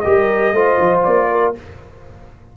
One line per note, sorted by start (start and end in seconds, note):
0.00 0.52 G3
0.00 0.54 G4
0.00 0.55 A#4
0.00 1.00 D#5
0.52 0.77 A3
0.52 1.55 F4
0.52 1.30 C5
0.80 1.05 F3
1.03 1.56 A#3
1.03 1.53 D5
1.31 1.56 A#4